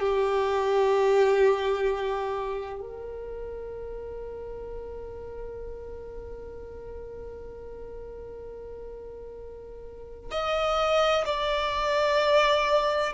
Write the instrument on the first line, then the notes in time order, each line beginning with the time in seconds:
violin
0.00 G4
2.81 A#4
10.31 D#5
11.26 D5